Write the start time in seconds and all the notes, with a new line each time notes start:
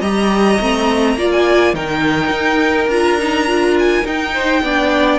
0.00 G3 G4 D#5 A#5
0.60 A3 C4
1.16 A#3 F4 D5
1.32 G#5
1.73 D#3 D#4 A#4 G5
2.31 D#4
2.87 D4 F4 A#5
3.19 D#4
3.47 F4
3.79 G#5
4.05 D#4 G5
4.33 C5
4.62 B3 D4 D5